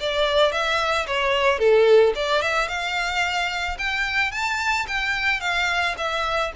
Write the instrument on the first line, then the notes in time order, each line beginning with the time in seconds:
violin
0.00 D5
0.52 E5
1.07 C#5
1.59 A4
2.15 D5
2.41 E5
2.68 F5
3.79 G5
4.32 A5
4.88 G5
5.40 F5
5.98 E5